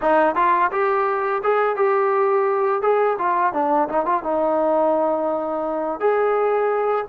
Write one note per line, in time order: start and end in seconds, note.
0.01 0.35 D#4
0.35 0.70 F4
0.71 1.41 G4
1.43 1.76 G#4
1.76 2.82 G4
2.82 3.17 G#4
3.18 3.53 F4
3.53 3.88 D4
3.88 4.05 D#4
4.05 4.23 F4
4.23 5.99 D#4
5.99 7.05 G#4